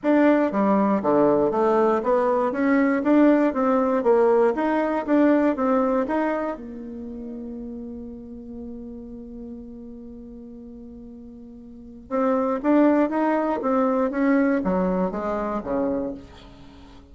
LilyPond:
\new Staff \with { instrumentName = "bassoon" } { \time 4/4 \tempo 4 = 119 d'4 g4 d4 a4 | b4 cis'4 d'4 c'4 | ais4 dis'4 d'4 c'4 | dis'4 ais2.~ |
ais1~ | ais1 | c'4 d'4 dis'4 c'4 | cis'4 fis4 gis4 cis4 | }